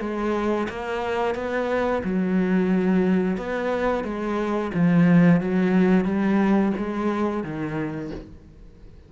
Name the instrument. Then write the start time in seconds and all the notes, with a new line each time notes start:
cello
0.00 G#3
0.69 A#3
1.35 B3
2.04 F#3
3.37 B3
4.04 G#3
4.74 F3
5.41 F#3
6.05 G3
6.77 G#3
7.43 D#3